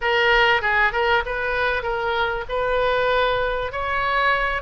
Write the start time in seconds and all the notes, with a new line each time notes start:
0.01 A#4
0.61 G#4
0.92 A#4
1.25 B4
1.82 A#4
2.49 B4
3.71 C#5